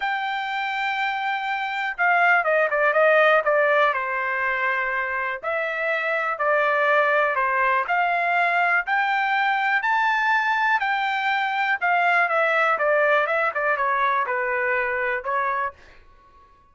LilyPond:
\new Staff \with { instrumentName = "trumpet" } { \time 4/4 \tempo 4 = 122 g''1 | f''4 dis''8 d''8 dis''4 d''4 | c''2. e''4~ | e''4 d''2 c''4 |
f''2 g''2 | a''2 g''2 | f''4 e''4 d''4 e''8 d''8 | cis''4 b'2 cis''4 | }